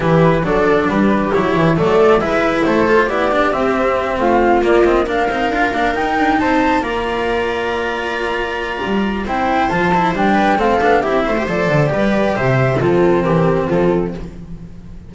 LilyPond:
<<
  \new Staff \with { instrumentName = "flute" } { \time 4/4 \tempo 4 = 136 b'4 d''4 b'4 cis''4 | d''4 e''4 c''4 d''4 | e''4. f''4 d''8 dis''8 f''8~ | f''4. g''4 a''4 ais''8~ |
ais''1~ | ais''4 g''4 a''4 g''4 | f''4 e''4 d''2 | e''4 a'4 ais'4 a'4 | }
  \new Staff \with { instrumentName = "viola" } { \time 4/4 g'4 a'4 g'2 | a'4 b'4 a'4 g'4~ | g'4. f'2 ais'8~ | ais'2~ ais'8 c''4 d''8~ |
d''1~ | d''4 c''2~ c''8 b'8 | a'4 g'8 c''4. b'4 | c''4 f'4 g'4 f'4 | }
  \new Staff \with { instrumentName = "cello" } { \time 4/4 e'4 d'2 e'4 | a4 e'4. f'8 e'8 d'8 | c'2~ c'8 ais8 c'8 d'8 | dis'8 f'8 d'8 dis'2 f'8~ |
f'1~ | f'4 e'4 f'8 e'8 d'4 | c'8 d'8 e'8. g'16 a'4 g'4~ | g'4 c'2. | }
  \new Staff \with { instrumentName = "double bass" } { \time 4/4 e4 fis4 g4 fis8 e8 | fis4 gis4 a4 b4 | c'4. a4 ais4. | c'8 d'8 ais8 dis'8 d'8 c'4 ais8~ |
ais1 | g4 c'4 f4 g4 | a8 b8 c'8 a8 f8 d8 g4 | c4 f4 e4 f4 | }
>>